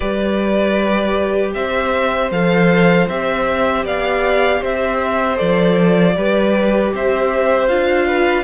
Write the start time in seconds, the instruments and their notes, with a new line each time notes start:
0.00 cello G3, viola G4, violin B4 D5
1.54 cello C4, violin C5 E5
2.31 cello F3, viola A4, violin F5
3.08 cello C4, viola G4, violin E5
3.84 cello B3, violin D5 F5
4.60 cello C4, violin C5 E5
5.36 cello F3, viola A4, violin D5
6.16 cello G3, viola G4, violin B4
6.93 cello C4, violin C5 E5
7.68 cello D4, viola F4, violin F5
8.06 violin B4